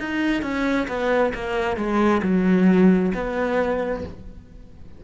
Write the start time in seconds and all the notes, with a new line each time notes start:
0.00 D#4
0.42 C#4
0.88 B3
1.35 A#3
1.77 G#3
2.23 F#3
3.14 B3